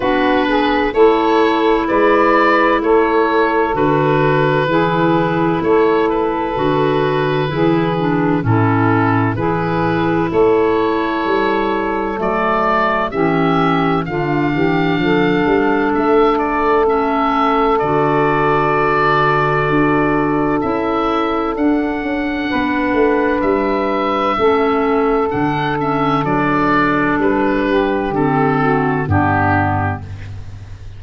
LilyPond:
<<
  \new Staff \with { instrumentName = "oboe" } { \time 4/4 \tempo 4 = 64 b'4 cis''4 d''4 cis''4 | b'2 cis''8 b'4.~ | b'4 a'4 b'4 cis''4~ | cis''4 d''4 e''4 f''4~ |
f''4 e''8 d''8 e''4 d''4~ | d''2 e''4 fis''4~ | fis''4 e''2 fis''8 e''8 | d''4 b'4 a'4 g'4 | }
  \new Staff \with { instrumentName = "saxophone" } { \time 4/4 fis'8 gis'8 a'4 b'4 a'4~ | a'4 gis'4 a'2 | gis'4 e'4 gis'4 a'4~ | a'2 g'4 f'8 g'8 |
a'1~ | a'1 | b'2 a'2~ | a'4. g'4 fis'8 d'4 | }
  \new Staff \with { instrumentName = "clarinet" } { \time 4/4 d'4 e'2. | fis'4 e'2 fis'4 | e'8 d'8 cis'4 e'2~ | e'4 a4 cis'4 d'4~ |
d'2 cis'4 fis'4~ | fis'2 e'4 d'4~ | d'2 cis'4 d'8 cis'8 | d'2 c'4 b4 | }
  \new Staff \with { instrumentName = "tuba" } { \time 4/4 b4 a4 gis4 a4 | d4 e4 a4 d4 | e4 a,4 e4 a4 | g4 fis4 e4 d8 e8 |
f8 g8 a2 d4~ | d4 d'4 cis'4 d'8 cis'8 | b8 a8 g4 a4 d4 | fis4 g4 d4 g,4 | }
>>